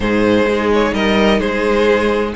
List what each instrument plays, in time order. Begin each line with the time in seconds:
0.00 cello G#2, viola D#4, violin G#4 C5
0.45 cello G#3
0.73 violin C#5
0.93 cello G3, violin A#4 D#5
1.40 cello G#3, violin G#4 C5